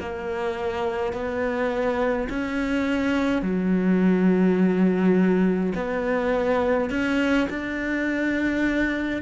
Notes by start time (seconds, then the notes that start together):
0.00 A#3
1.12 B3
2.29 C#4
3.41 F#3
5.74 B3
6.90 C#4
7.49 D4